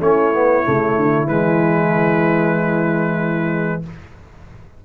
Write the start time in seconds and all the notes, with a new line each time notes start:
0.00 A3 C#4 E4 C#5
0.33 B3
0.64 C#3 A3
0.96 D3
1.27 E3 G#3 B4